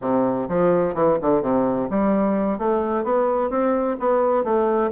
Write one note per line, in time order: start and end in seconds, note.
0.01 0.48 C3
0.48 0.94 F3
0.94 1.17 E3
1.21 1.42 D3
1.42 1.89 C3
1.90 2.58 G3
2.58 3.03 A3
3.03 3.49 B3
3.49 3.96 C4
3.99 4.44 B3
4.44 4.90 A3